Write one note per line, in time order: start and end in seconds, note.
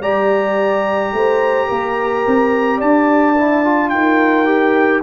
0.00 1.11 G3
0.00 3.35 G4
0.00 1.12 D5
0.00 2.80 A#5
1.12 1.68 A3
1.12 1.67 C5
1.67 2.25 A#3
1.67 2.77 A#4
2.27 2.81 C4
2.77 3.92 D4
2.77 3.88 D5
2.77 3.89 A5
3.37 3.64 E4
3.64 4.45 F4
3.89 5.03 D#4
3.89 5.03 A#4
3.89 5.00 G5
4.45 5.01 G4